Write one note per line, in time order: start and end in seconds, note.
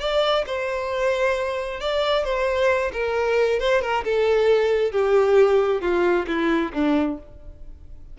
0.00 0.45 D5
0.46 1.81 C5
1.81 2.24 D5
2.24 2.92 C5
2.93 3.60 A#4
3.60 3.82 C5
3.82 4.04 A#4
4.05 4.92 A4
4.92 5.81 G4
5.81 6.26 F4
6.27 6.72 E4
6.73 7.18 D4